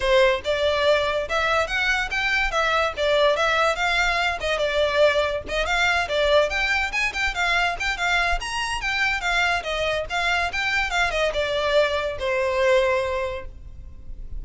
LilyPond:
\new Staff \with { instrumentName = "violin" } { \time 4/4 \tempo 4 = 143 c''4 d''2 e''4 | fis''4 g''4 e''4 d''4 | e''4 f''4. dis''8 d''4~ | d''4 dis''8 f''4 d''4 g''8~ |
g''8 gis''8 g''8 f''4 g''8 f''4 | ais''4 g''4 f''4 dis''4 | f''4 g''4 f''8 dis''8 d''4~ | d''4 c''2. | }